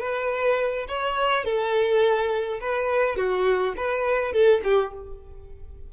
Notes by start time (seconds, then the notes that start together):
0.00 B4
0.89 C#5
1.45 A4
2.61 B4
3.17 F#4
3.77 B4
4.33 A4
4.64 G4